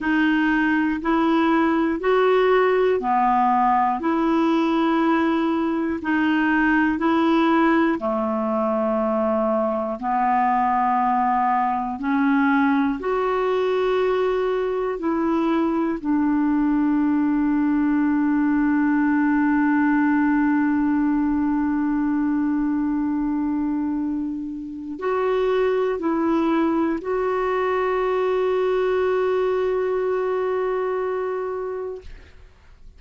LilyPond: \new Staff \with { instrumentName = "clarinet" } { \time 4/4 \tempo 4 = 60 dis'4 e'4 fis'4 b4 | e'2 dis'4 e'4 | a2 b2 | cis'4 fis'2 e'4 |
d'1~ | d'1~ | d'4 fis'4 e'4 fis'4~ | fis'1 | }